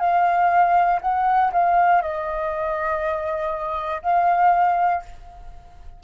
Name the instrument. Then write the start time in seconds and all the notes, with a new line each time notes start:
flute
0.00 F5
1.02 F#5
1.52 F5
2.02 D#5
4.03 F5